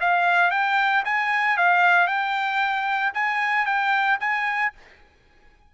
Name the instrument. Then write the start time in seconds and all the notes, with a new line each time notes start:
trumpet
0.00 F5
0.50 G5
1.05 G#5
1.57 F5
2.07 G5
3.14 G#5
3.65 G5
4.20 G#5